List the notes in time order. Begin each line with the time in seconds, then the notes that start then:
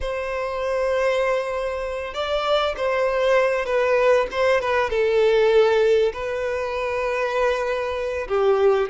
0.00 C5
2.14 D5
2.76 C5
3.65 B4
4.31 C5
4.60 B4
4.90 A4
6.13 B4
8.28 G4